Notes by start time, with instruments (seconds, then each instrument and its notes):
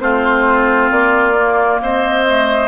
0.00 bassoon A3, clarinet C4, oboe F4, flute C5
0.91 bassoon A#3, flute D5
1.36 clarinet A#3
1.81 bassoon C4, oboe C5, flute D#5
2.28 clarinet A3